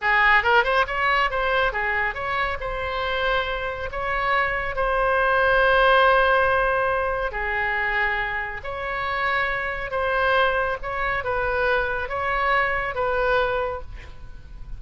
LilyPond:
\new Staff \with { instrumentName = "oboe" } { \time 4/4 \tempo 4 = 139 gis'4 ais'8 c''8 cis''4 c''4 | gis'4 cis''4 c''2~ | c''4 cis''2 c''4~ | c''1~ |
c''4 gis'2. | cis''2. c''4~ | c''4 cis''4 b'2 | cis''2 b'2 | }